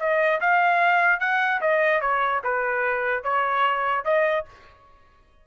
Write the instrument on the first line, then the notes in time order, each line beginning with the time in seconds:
trumpet
0.00 D#5
0.41 F5
1.20 F#5
1.61 D#5
2.01 C#5
2.45 B4
3.24 C#5
4.05 D#5